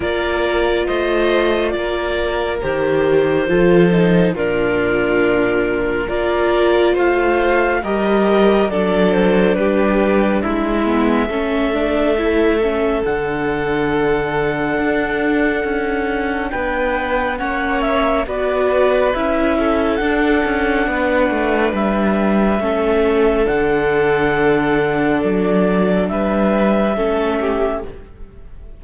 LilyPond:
<<
  \new Staff \with { instrumentName = "clarinet" } { \time 4/4 \tempo 4 = 69 d''4 dis''4 d''4 c''4~ | c''4 ais'2 d''4 | f''4 dis''4 d''8 c''8 b'4 | e''2. fis''4~ |
fis''2. g''4 | fis''8 e''8 d''4 e''4 fis''4~ | fis''4 e''2 fis''4~ | fis''4 d''4 e''2 | }
  \new Staff \with { instrumentName = "violin" } { \time 4/4 ais'4 c''4 ais'2 | a'4 f'2 ais'4 | c''4 ais'4 a'4 g'4 | e'4 a'2.~ |
a'2. b'4 | cis''4 b'4. a'4. | b'2 a'2~ | a'2 b'4 a'8 g'8 | }
  \new Staff \with { instrumentName = "viola" } { \time 4/4 f'2. g'4 | f'8 dis'8 d'2 f'4~ | f'4 g'4 d'2~ | d'8 b8 cis'8 d'8 e'8 cis'8 d'4~ |
d'1 | cis'4 fis'4 e'4 d'4~ | d'2 cis'4 d'4~ | d'2. cis'4 | }
  \new Staff \with { instrumentName = "cello" } { \time 4/4 ais4 a4 ais4 dis4 | f4 ais,2 ais4 | a4 g4 fis4 g4 | gis4 a2 d4~ |
d4 d'4 cis'4 b4 | ais4 b4 cis'4 d'8 cis'8 | b8 a8 g4 a4 d4~ | d4 fis4 g4 a4 | }
>>